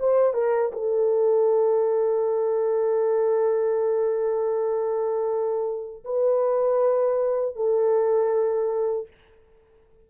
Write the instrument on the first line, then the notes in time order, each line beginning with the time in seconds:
horn
0.00 C5
0.34 A#4
0.73 A4
6.05 B4
7.56 A4